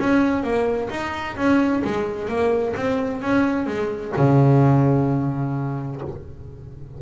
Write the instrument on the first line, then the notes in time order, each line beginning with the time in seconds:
double bass
0.00 C#4
0.43 A#3
0.90 D#4
1.37 C#4
1.84 G#3
2.29 A#3
2.76 C4
3.22 C#4
3.67 G#3
4.17 C#3